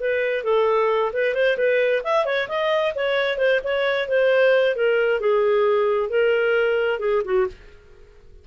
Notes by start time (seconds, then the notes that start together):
0.00 B4
0.44 A4
1.13 B4
1.35 C5
1.57 B4
2.04 E5
2.25 C#5
2.48 D#5
2.95 C#5
3.38 C5
3.64 C#5
4.08 C5
4.76 A#4
5.20 G#4
6.10 A#4
6.99 G#4
7.25 F#4